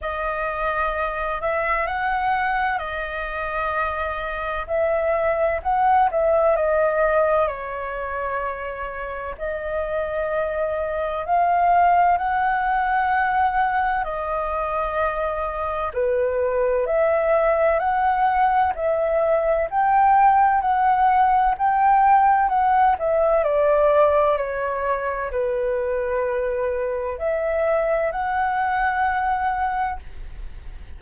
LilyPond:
\new Staff \with { instrumentName = "flute" } { \time 4/4 \tempo 4 = 64 dis''4. e''8 fis''4 dis''4~ | dis''4 e''4 fis''8 e''8 dis''4 | cis''2 dis''2 | f''4 fis''2 dis''4~ |
dis''4 b'4 e''4 fis''4 | e''4 g''4 fis''4 g''4 | fis''8 e''8 d''4 cis''4 b'4~ | b'4 e''4 fis''2 | }